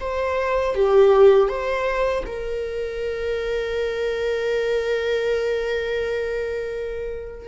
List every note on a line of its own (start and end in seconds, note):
0.00 0.75 C5
0.75 1.49 G4
1.49 2.24 C5
2.27 7.48 A#4